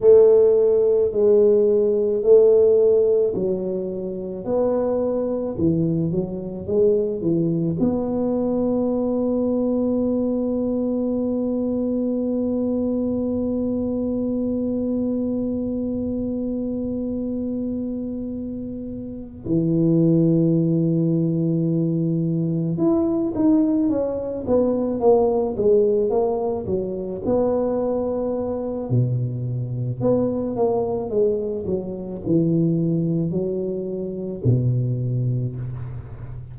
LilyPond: \new Staff \with { instrumentName = "tuba" } { \time 4/4 \tempo 4 = 54 a4 gis4 a4 fis4 | b4 e8 fis8 gis8 e8 b4~ | b1~ | b1~ |
b4. e2~ e8~ | e8 e'8 dis'8 cis'8 b8 ais8 gis8 ais8 | fis8 b4. b,4 b8 ais8 | gis8 fis8 e4 fis4 b,4 | }